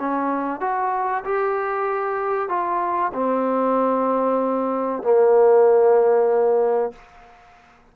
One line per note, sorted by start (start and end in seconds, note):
0.00 0.61 C#4
0.61 1.24 F#4
1.25 2.49 G4
2.49 3.12 F4
3.14 5.03 C4
5.03 6.93 A#3